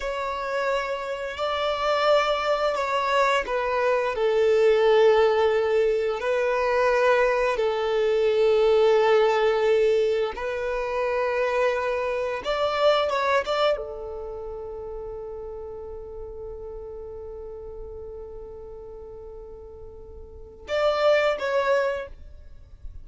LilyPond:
\new Staff \with { instrumentName = "violin" } { \time 4/4 \tempo 4 = 87 cis''2 d''2 | cis''4 b'4 a'2~ | a'4 b'2 a'4~ | a'2. b'4~ |
b'2 d''4 cis''8 d''8 | a'1~ | a'1~ | a'2 d''4 cis''4 | }